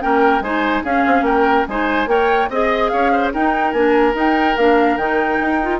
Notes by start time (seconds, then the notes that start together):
0.00 A#3 C#4 A#4 G5
0.40 G#3 D#4 C5 G#5
0.83 C#4 G#4 F5
1.06 C4
1.21 A#3 A#4 G5
1.68 G#3 D#4 C5 G#5
2.06 A#3 A#4 C#5 G5
2.49 C4 G#4 D#5
2.88 C#4 C#5 F5
3.12 C5
3.33 D#4 A#4 G5
3.72 A#3 D4 G#5
4.13 D#4 G5
4.57 A#3 D4 F5
4.97 D#3 D#4 G5
5.41 D#4
5.62 F4